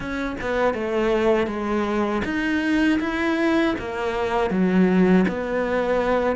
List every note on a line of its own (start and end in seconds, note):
0.00 0.35 C#4
0.41 0.74 B3
0.74 1.47 A3
1.47 2.22 G#3
2.24 2.99 D#4
3.00 3.75 E4
3.78 4.50 A#3
4.50 5.25 F#3
5.28 6.36 B3